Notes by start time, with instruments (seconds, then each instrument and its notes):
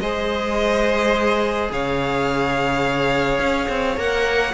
0.00 cello G#3, viola G#4, violin C5 D#5
1.71 cello C#3, violin C#5 F5
3.39 cello C#4
3.69 cello C4
3.97 cello A#3, viola A#4, violin F#5